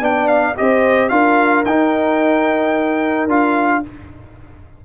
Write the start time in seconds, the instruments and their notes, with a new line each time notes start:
0.00 tuba B3, trombone D4, horn D5, trumpet G5
0.28 trumpet F5
0.56 tuba C4, trombone G4, horn C5, trumpet D#5
1.09 tuba D4, trombone F4, horn A#4, trumpet F5
1.65 tuba D#4, trombone D#4, trumpet G5
3.27 tuba D4, trombone F4, trumpet F5